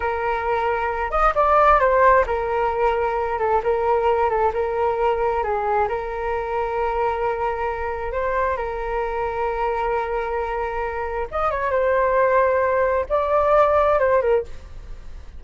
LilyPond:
\new Staff \with { instrumentName = "flute" } { \time 4/4 \tempo 4 = 133 ais'2~ ais'8 dis''8 d''4 | c''4 ais'2~ ais'8 a'8 | ais'4. a'8 ais'2 | gis'4 ais'2.~ |
ais'2 c''4 ais'4~ | ais'1~ | ais'4 dis''8 cis''8 c''2~ | c''4 d''2 c''8 ais'8 | }